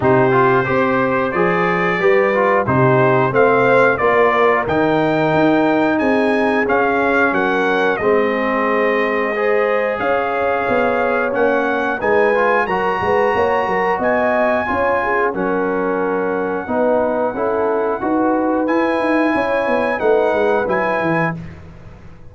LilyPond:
<<
  \new Staff \with { instrumentName = "trumpet" } { \time 4/4 \tempo 4 = 90 c''2 d''2 | c''4 f''4 d''4 g''4~ | g''4 gis''4 f''4 fis''4 | dis''2. f''4~ |
f''4 fis''4 gis''4 ais''4~ | ais''4 gis''2 fis''4~ | fis''1 | gis''2 fis''4 gis''4 | }
  \new Staff \with { instrumentName = "horn" } { \time 4/4 g'4 c''2 b'4 | g'4 c''4 ais'2~ | ais'4 gis'2 ais'4 | gis'2 c''4 cis''4~ |
cis''2 b'4 ais'8 b'8 | cis''8 ais'8 dis''4 cis''8 gis'8 ais'4~ | ais'4 b'4 a'4 b'4~ | b'4 cis''4 b'2 | }
  \new Staff \with { instrumentName = "trombone" } { \time 4/4 dis'8 f'8 g'4 gis'4 g'8 f'8 | dis'4 c'4 f'4 dis'4~ | dis'2 cis'2 | c'2 gis'2~ |
gis'4 cis'4 dis'8 f'8 fis'4~ | fis'2 f'4 cis'4~ | cis'4 dis'4 e'4 fis'4 | e'2 dis'4 e'4 | }
  \new Staff \with { instrumentName = "tuba" } { \time 4/4 c4 c'4 f4 g4 | c4 a4 ais4 dis4 | dis'4 c'4 cis'4 fis4 | gis2. cis'4 |
b4 ais4 gis4 fis8 gis8 | ais8 fis8 b4 cis'4 fis4~ | fis4 b4 cis'4 dis'4 | e'8 dis'8 cis'8 b8 a8 gis8 fis8 e8 | }
>>